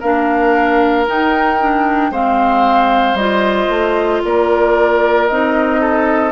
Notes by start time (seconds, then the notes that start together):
0.00 A#3 D4 A#4 F5
1.07 D#4 G5
1.60 D4
2.11 G#3 C4 C5 F5
3.14 G3 F4 D#5
3.69 A3
4.25 A#3 A#4 D5
5.27 C4 D#4 D#5
5.81 A4